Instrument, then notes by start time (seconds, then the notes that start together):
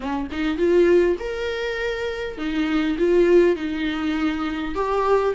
viola
0.00 C#4
0.31 D#4
0.57 F4
1.19 A#4
2.37 D#4
2.98 F4
3.55 D#4
4.74 G4